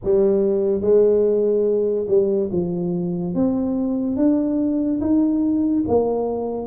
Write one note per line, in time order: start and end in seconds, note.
0.03 0.81 G3
0.81 2.06 G#3
2.08 2.49 G3
2.51 3.34 F3
3.34 4.16 C4
4.16 5.00 D4
5.00 5.84 D#4
5.87 6.67 A#3